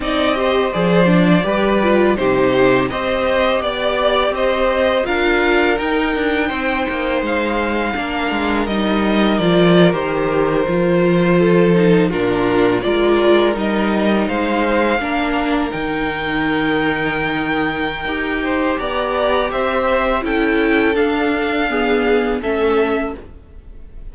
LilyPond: <<
  \new Staff \with { instrumentName = "violin" } { \time 4/4 \tempo 4 = 83 dis''4 d''2 c''4 | dis''4 d''4 dis''4 f''4 | g''2 f''2 | dis''4 d''8. c''2~ c''16~ |
c''8. ais'4 d''4 dis''4 f''16~ | f''4.~ f''16 g''2~ g''16~ | g''2 ais''4 e''4 | g''4 f''2 e''4 | }
  \new Staff \with { instrumentName = "violin" } { \time 4/4 d''8 c''4. b'4 g'4 | c''4 d''4 c''4 ais'4~ | ais'4 c''2 ais'4~ | ais'2.~ ais'8. a'16~ |
a'8. f'4 ais'2 c''16~ | c''8. ais'2.~ ais'16~ | ais'4. c''8 d''4 c''4 | a'2 gis'4 a'4 | }
  \new Staff \with { instrumentName = "viola" } { \time 4/4 dis'8 g'8 gis'8 d'8 g'8 f'8 dis'4 | g'2. f'4 | dis'2. d'4 | dis'4 f'8. g'4 f'4~ f'16~ |
f'16 dis'8 d'4 f'4 dis'4~ dis'16~ | dis'8. d'4 dis'2~ dis'16~ | dis'4 g'2. | e'4 d'4 b4 cis'4 | }
  \new Staff \with { instrumentName = "cello" } { \time 4/4 c'4 f4 g4 c4 | c'4 b4 c'4 d'4 | dis'8 d'8 c'8 ais8 gis4 ais8 gis8 | g4 f8. dis4 f4~ f16~ |
f8. ais,4 gis4 g4 gis16~ | gis8. ais4 dis2~ dis16~ | dis4 dis'4 b4 c'4 | cis'4 d'2 a4 | }
>>